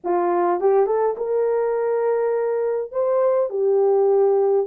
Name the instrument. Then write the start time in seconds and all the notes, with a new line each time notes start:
horn
0.03 F4
0.60 G4
0.86 A4
1.17 A#4
2.91 C5
3.50 G4